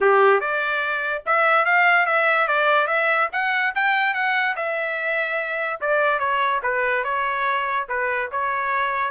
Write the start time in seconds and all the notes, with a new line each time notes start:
0.00 G4
0.40 D5
1.25 E5
1.65 F5
2.06 E5
2.47 D5
2.87 E5
3.32 F#5
3.75 G5
4.13 F#5
4.56 E5
5.80 D5
6.19 C#5
6.62 B4
7.04 C#5
7.88 B4
8.31 C#5